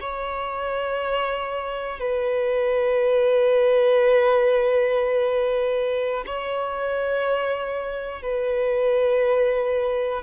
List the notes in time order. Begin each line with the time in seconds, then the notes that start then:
0.00 C#5
1.99 B4
6.26 C#5
8.22 B4